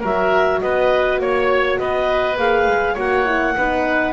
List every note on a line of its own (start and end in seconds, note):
0.00 0.62 F#3
0.00 2.37 F#4
0.00 0.59 A#4
0.00 0.60 E5
0.60 1.19 B3
0.60 1.21 B4
0.60 1.19 D#5
1.19 1.78 A#3
1.19 1.80 C#5
1.19 1.78 C#5
1.78 2.37 B3
1.78 2.94 B4
1.78 2.37 D#5
2.37 2.66 A#3
2.37 2.96 G#4
2.37 2.97 F5
2.66 2.96 G#3
2.94 3.55 A#3
2.94 3.25 F#4
2.94 3.52 C#5
2.94 4.13 F#5
3.25 3.54 E4
3.57 4.13 B3
3.57 4.13 D#4
3.57 4.13 B4